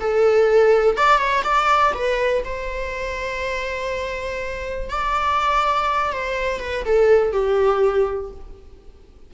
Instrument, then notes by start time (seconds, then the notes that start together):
viola
0.00 A4
0.97 D5
1.18 C#5
1.44 D5
1.94 B4
2.45 C5
4.90 D5
6.13 C5
6.61 B4
6.85 A4
7.33 G4